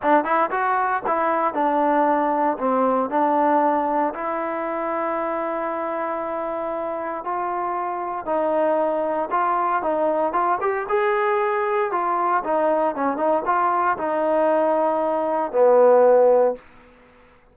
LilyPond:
\new Staff \with { instrumentName = "trombone" } { \time 4/4 \tempo 4 = 116 d'8 e'8 fis'4 e'4 d'4~ | d'4 c'4 d'2 | e'1~ | e'2 f'2 |
dis'2 f'4 dis'4 | f'8 g'8 gis'2 f'4 | dis'4 cis'8 dis'8 f'4 dis'4~ | dis'2 b2 | }